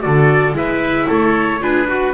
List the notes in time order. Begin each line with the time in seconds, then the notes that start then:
0.00 D3 F#4 A4 D5
0.53 G#3 E4 B4 E5
1.07 A3 A4 C#5
1.60 D4 F4 G#4 B4
1.88 F#4